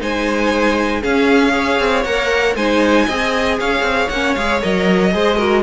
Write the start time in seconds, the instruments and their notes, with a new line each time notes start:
0.00 cello G#3, viola D#4, violin C5 G#5
1.01 viola C#4, cello C#4, violin G#4 F5
1.50 viola G#4, violin C#5
1.79 cello C4
2.03 cello A#3, viola A#4, violin F#5
2.55 cello G#3, viola D#4, violin C5 G#5
3.06 cello C4, viola G#4, violin D#5
3.59 cello C#4, violin C#5 F5
3.81 cello C4
4.09 cello A#3, viola C#4, violin F#5
4.35 cello G#3, viola G#4, violin F5
4.61 cello F#3, viola A#4, violin D#5
5.11 cello G#3, viola G#4, violin C5
5.37 viola F#4, violin A#4